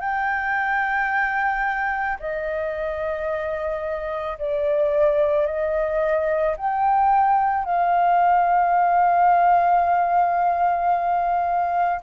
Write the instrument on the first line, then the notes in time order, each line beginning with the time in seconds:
flute
0.00 G5
2.20 D#5
4.39 D5
5.47 D#5
6.57 G5
7.65 F5